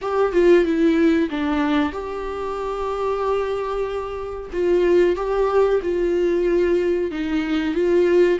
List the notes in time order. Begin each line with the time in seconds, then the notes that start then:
0.01 G4
0.32 F4
0.64 E4
1.30 D4
1.92 G4
4.52 F4
5.16 G4
5.82 F4
7.11 D#4
7.74 F4